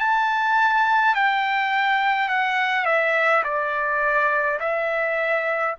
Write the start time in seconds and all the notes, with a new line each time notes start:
0.00 A5
1.15 G5
2.29 F#5
2.85 E5
3.44 D5
4.60 E5